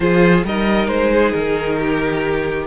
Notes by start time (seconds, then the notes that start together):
0.00 F3 F4 G#4 C5
0.44 G3 D#4 A#4 D#5
0.87 G#3 C5
1.13 G#4
1.31 D#3 A#4
1.78 G4